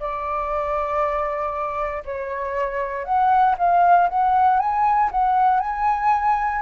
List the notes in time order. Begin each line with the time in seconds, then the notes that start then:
0.00 D5
2.05 C#5
3.05 F#5
3.58 F5
4.09 F#5
4.60 G#5
5.12 F#5
5.60 G#5